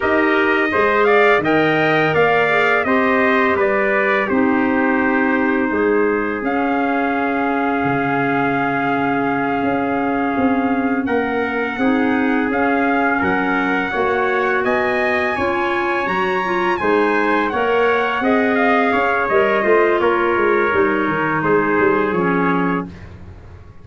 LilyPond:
<<
  \new Staff \with { instrumentName = "trumpet" } { \time 4/4 \tempo 4 = 84 dis''4. f''8 g''4 f''4 | dis''4 d''4 c''2~ | c''4 f''2.~ | f''2.~ f''8 fis''8~ |
fis''4. f''4 fis''4.~ | fis''8 gis''2 ais''4 gis''8~ | gis''8 fis''4. f''4 dis''4 | cis''2 c''4 cis''4 | }
  \new Staff \with { instrumentName = "trumpet" } { \time 4/4 ais'4 c''8 d''8 dis''4 d''4 | c''4 b'4 g'2 | gis'1~ | gis'2.~ gis'8 ais'8~ |
ais'8 gis'2 ais'4 cis''8~ | cis''8 dis''4 cis''2 c''8~ | c''8 cis''4 dis''4 cis''4 c''8 | ais'2 gis'2 | }
  \new Staff \with { instrumentName = "clarinet" } { \time 4/4 g'4 gis'4 ais'4. gis'8 | g'2 dis'2~ | dis'4 cis'2.~ | cis'1~ |
cis'8 dis'4 cis'2 fis'8~ | fis'4. f'4 fis'8 f'8 dis'8~ | dis'8 ais'4 gis'4. ais'8 f'8~ | f'4 dis'2 cis'4 | }
  \new Staff \with { instrumentName = "tuba" } { \time 4/4 dis'4 gis4 dis4 ais4 | c'4 g4 c'2 | gis4 cis'2 cis4~ | cis4. cis'4 c'4 ais8~ |
ais8 c'4 cis'4 fis4 ais8~ | ais8 b4 cis'4 fis4 gis8~ | gis8 ais4 c'4 cis'8 g8 a8 | ais8 gis8 g8 dis8 gis8 g8 f4 | }
>>